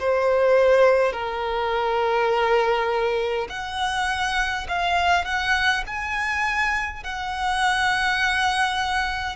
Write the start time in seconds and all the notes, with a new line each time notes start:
0.00 C5
1.13 A#4
3.50 F#5
4.69 F5
5.26 F#5
5.87 G#5
7.04 F#5